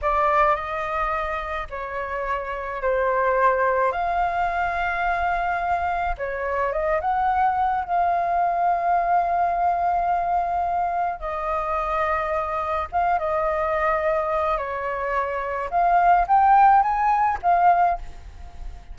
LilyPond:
\new Staff \with { instrumentName = "flute" } { \time 4/4 \tempo 4 = 107 d''4 dis''2 cis''4~ | cis''4 c''2 f''4~ | f''2. cis''4 | dis''8 fis''4. f''2~ |
f''1 | dis''2. f''8 dis''8~ | dis''2 cis''2 | f''4 g''4 gis''4 f''4 | }